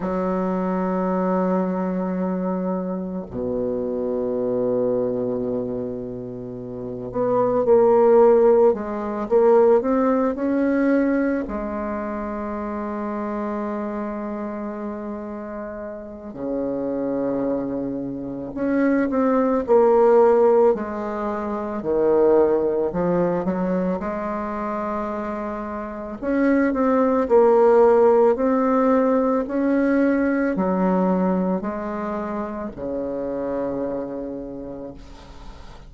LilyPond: \new Staff \with { instrumentName = "bassoon" } { \time 4/4 \tempo 4 = 55 fis2. b,4~ | b,2~ b,8 b8 ais4 | gis8 ais8 c'8 cis'4 gis4.~ | gis2. cis4~ |
cis4 cis'8 c'8 ais4 gis4 | dis4 f8 fis8 gis2 | cis'8 c'8 ais4 c'4 cis'4 | fis4 gis4 cis2 | }